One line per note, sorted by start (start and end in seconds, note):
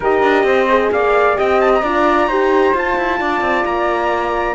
0.00 0.22 D#4
0.00 0.68 G4
0.00 0.45 A#4
0.00 0.92 D#5
0.22 0.43 D4
0.43 0.89 C4
0.43 0.92 C5
0.68 1.35 G#4
0.91 1.37 A#3
0.91 1.37 D5
0.91 1.38 F5
1.35 1.82 C4
1.35 1.80 G4
1.35 1.83 D#5
1.35 1.60 G5
1.60 1.72 A5
1.74 2.77 A#5
1.82 2.27 D4
1.82 2.29 F4
1.82 2.27 D5
2.27 2.72 D#4
2.27 2.74 G4
2.27 3.19 C5
2.74 2.96 F4
2.74 4.55 F4
2.74 3.65 A5
2.97 3.20 E4
3.19 3.40 D4
3.19 4.55 D5
3.40 3.63 C4
3.65 4.55 A#3
3.65 4.55 A#5